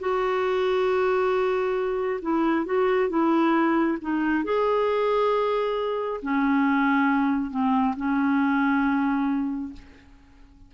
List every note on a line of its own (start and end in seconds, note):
0.00 2.21 F#4
2.22 2.66 E4
2.66 3.10 F#4
3.10 3.98 E4
4.02 4.44 D#4
4.44 6.21 G#4
6.22 7.51 C#4
7.51 7.95 C4
7.97 9.73 C#4